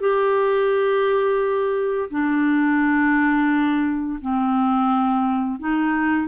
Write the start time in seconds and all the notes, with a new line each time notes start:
0.00 G4
2.10 D4
4.21 C4
5.59 D#4